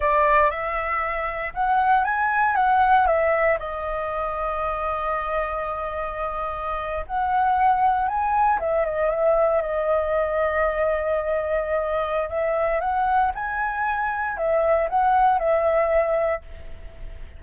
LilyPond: \new Staff \with { instrumentName = "flute" } { \time 4/4 \tempo 4 = 117 d''4 e''2 fis''4 | gis''4 fis''4 e''4 dis''4~ | dis''1~ | dis''4.~ dis''16 fis''2 gis''16~ |
gis''8. e''8 dis''8 e''4 dis''4~ dis''16~ | dis''1 | e''4 fis''4 gis''2 | e''4 fis''4 e''2 | }